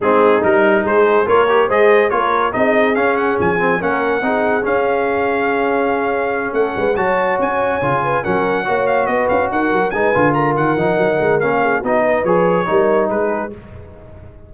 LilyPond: <<
  \new Staff \with { instrumentName = "trumpet" } { \time 4/4 \tempo 4 = 142 gis'4 ais'4 c''4 cis''4 | dis''4 cis''4 dis''4 f''8 fis''8 | gis''4 fis''2 f''4~ | f''2.~ f''8 fis''8~ |
fis''8 a''4 gis''2 fis''8~ | fis''4 f''8 dis''8 f''8 fis''4 gis''8~ | gis''8 ais''8 fis''2 f''4 | dis''4 cis''2 b'4 | }
  \new Staff \with { instrumentName = "horn" } { \time 4/4 dis'2 gis'4 ais'4 | c''4 ais'4 gis'2~ | gis'4 ais'4 gis'2~ | gis'2.~ gis'8 a'8 |
b'8 cis''2~ cis''8 b'8 ais'8~ | ais'8 cis''4 b'4 ais'4 b'8~ | b'8 ais'2. gis'8 | fis'8 b'4. ais'4 gis'4 | }
  \new Staff \with { instrumentName = "trombone" } { \time 4/4 c'4 dis'2 f'8 g'8 | gis'4 f'4 dis'4 cis'4~ | cis'8 c'8 cis'4 dis'4 cis'4~ | cis'1~ |
cis'8 fis'2 f'4 cis'8~ | cis'8 fis'2. dis'8 | f'4. dis'4. cis'4 | dis'4 gis'4 dis'2 | }
  \new Staff \with { instrumentName = "tuba" } { \time 4/4 gis4 g4 gis4 ais4 | gis4 ais4 c'4 cis'4 | f4 ais4 c'4 cis'4~ | cis'2.~ cis'8 a8 |
gis8 fis4 cis'4 cis4 fis8~ | fis8 ais4 b8 cis'8 dis'8 fis8 gis8 | d4 dis8 f8 fis8 gis8 ais4 | b4 f4 g4 gis4 | }
>>